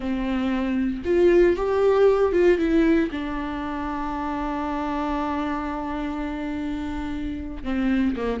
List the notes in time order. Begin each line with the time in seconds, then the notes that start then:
0.00 C4
1.04 F4
1.56 G4
2.32 F4
2.58 E4
3.11 D4
7.63 C4
8.16 A#3